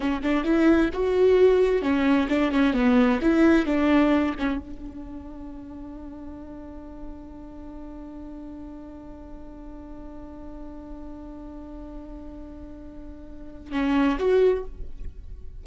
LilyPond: \new Staff \with { instrumentName = "viola" } { \time 4/4 \tempo 4 = 131 cis'8 d'8 e'4 fis'2 | cis'4 d'8 cis'8 b4 e'4 | d'4. cis'8 d'2~ | d'1~ |
d'1~ | d'1~ | d'1~ | d'2 cis'4 fis'4 | }